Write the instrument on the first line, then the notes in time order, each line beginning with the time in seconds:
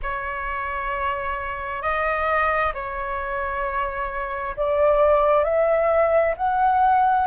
flute
0.02 C#5
1.82 D#5
2.74 C#5
4.56 D5
5.43 E5
6.36 F#5